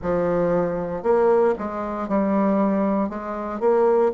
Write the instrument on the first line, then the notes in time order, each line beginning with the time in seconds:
bassoon
0.01 F3
1.03 A#3
1.58 G#3
2.08 G3
3.09 G#3
3.59 A#3